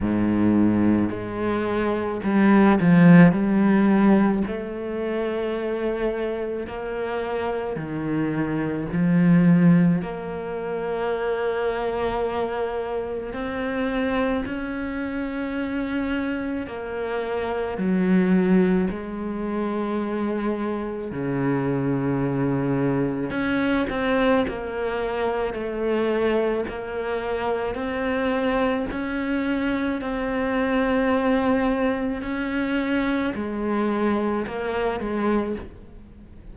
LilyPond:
\new Staff \with { instrumentName = "cello" } { \time 4/4 \tempo 4 = 54 gis,4 gis4 g8 f8 g4 | a2 ais4 dis4 | f4 ais2. | c'4 cis'2 ais4 |
fis4 gis2 cis4~ | cis4 cis'8 c'8 ais4 a4 | ais4 c'4 cis'4 c'4~ | c'4 cis'4 gis4 ais8 gis8 | }